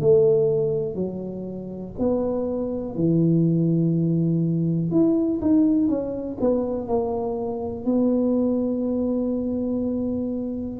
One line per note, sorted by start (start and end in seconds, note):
0.00 0.95 A3
0.95 1.93 F#3
1.99 2.95 B3
2.95 4.91 E3
4.91 5.40 E4
5.41 5.88 D#4
5.88 6.38 C#4
6.40 6.88 B3
6.88 7.85 A#3
7.85 10.80 B3